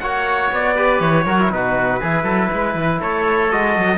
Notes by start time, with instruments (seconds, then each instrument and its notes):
0.00 cello A#3, trombone F#4, oboe C#5, trumpet F#5
0.52 cello B3, trumpet D5
0.76 trombone G4, oboe B4
1.00 cello E3, trumpet C#5
1.25 cello F#3, trombone F#4, oboe A#4
1.40 trombone E4
1.51 cello B2, trombone D#4, oboe F#4, trumpet B4
2.00 cello E3, trombone E4, oboe G#4
2.23 cello F#3, oboe A4
2.52 cello G#3, oboe B4
2.75 cello E3
3.01 cello A3, oboe A4, trumpet C#5
3.51 cello G#3, trombone F#4, trumpet D#5
3.77 cello F#3